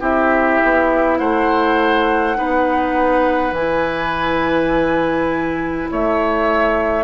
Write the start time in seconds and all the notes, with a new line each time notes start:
0.00 C4 E4 G4 E5
0.63 B3
1.18 A3 C5 F#5
2.35 B3 D#4 B4
3.52 E3 E4 G#5
5.91 A3 C#5 E5